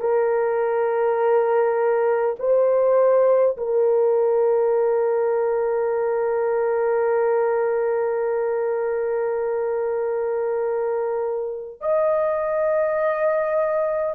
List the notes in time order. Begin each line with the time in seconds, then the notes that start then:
0.00 A#4
2.39 C5
3.57 A#4
11.81 D#5